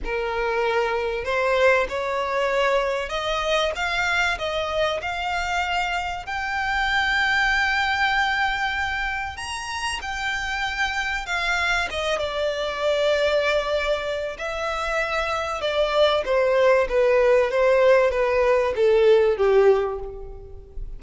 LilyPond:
\new Staff \with { instrumentName = "violin" } { \time 4/4 \tempo 4 = 96 ais'2 c''4 cis''4~ | cis''4 dis''4 f''4 dis''4 | f''2 g''2~ | g''2. ais''4 |
g''2 f''4 dis''8 d''8~ | d''2. e''4~ | e''4 d''4 c''4 b'4 | c''4 b'4 a'4 g'4 | }